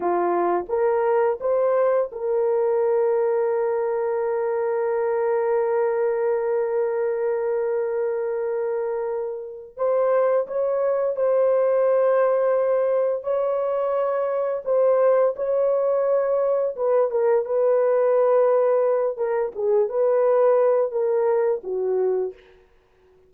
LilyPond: \new Staff \with { instrumentName = "horn" } { \time 4/4 \tempo 4 = 86 f'4 ais'4 c''4 ais'4~ | ais'1~ | ais'1~ | ais'2 c''4 cis''4 |
c''2. cis''4~ | cis''4 c''4 cis''2 | b'8 ais'8 b'2~ b'8 ais'8 | gis'8 b'4. ais'4 fis'4 | }